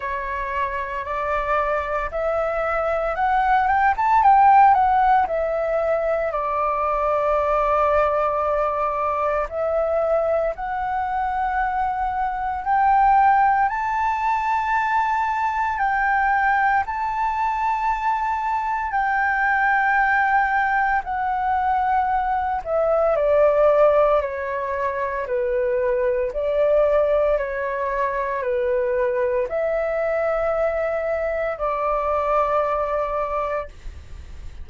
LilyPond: \new Staff \with { instrumentName = "flute" } { \time 4/4 \tempo 4 = 57 cis''4 d''4 e''4 fis''8 g''16 a''16 | g''8 fis''8 e''4 d''2~ | d''4 e''4 fis''2 | g''4 a''2 g''4 |
a''2 g''2 | fis''4. e''8 d''4 cis''4 | b'4 d''4 cis''4 b'4 | e''2 d''2 | }